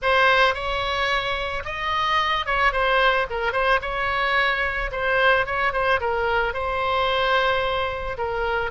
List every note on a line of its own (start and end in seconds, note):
0.01 0.54 C5
0.54 1.63 C#5
1.64 2.46 D#5
2.46 2.72 C#5
2.72 3.27 C5
3.30 3.52 A#4
3.52 3.79 C5
3.81 4.90 C#5
4.91 5.46 C5
5.46 5.72 C#5
5.72 6.00 C5
6.00 6.53 A#4
6.53 8.17 C5
8.17 8.70 A#4